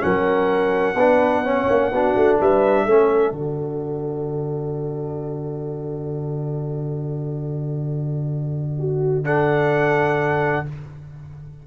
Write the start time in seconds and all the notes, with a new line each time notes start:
0.00 F#3 C#4 A#4 F#5
0.95 B3 D4 B4
1.44 C#4 C#5
1.70 A#3
1.92 B3 D4 F#4
2.16 A3
2.40 G3 B4 E5
2.85 A3 C#4 A4
3.31 D3 F#4 D5
8.79 F#4
9.24 D4 A4 F#5